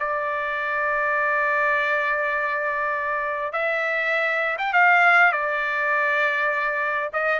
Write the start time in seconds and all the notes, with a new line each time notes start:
0.00 D5
3.53 E5
4.59 G5
4.73 F5
5.32 D5
7.13 D#5